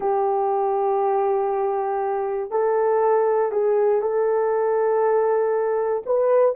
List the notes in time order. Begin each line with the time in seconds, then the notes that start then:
0.00 G4
2.50 A4
3.51 G#4
4.01 A4
6.05 B4